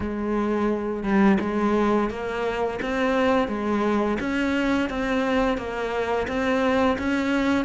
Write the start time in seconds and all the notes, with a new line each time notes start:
0.00 G#3
1.03 G3
1.40 G#3
2.10 A#3
2.82 C4
3.48 G#3
4.20 C#4
4.89 C4
5.57 A#3
6.27 C4
6.98 C#4